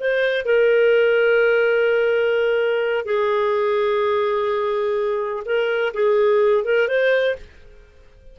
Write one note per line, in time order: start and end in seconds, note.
0.00 0.45 C5
0.45 3.05 A#4
3.05 5.43 G#4
5.45 5.93 A#4
5.93 6.64 G#4
6.64 6.88 A#4
6.88 7.35 C5